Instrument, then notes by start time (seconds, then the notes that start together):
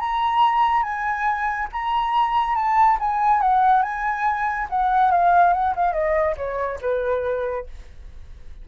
flute
0.00 A#5
0.83 G#5
1.73 A#5
2.56 A5
3.00 G#5
3.42 F#5
3.83 G#5
4.70 F#5
5.11 F5
5.54 F#5
5.76 F5
5.93 D#5
6.37 C#5
6.82 B4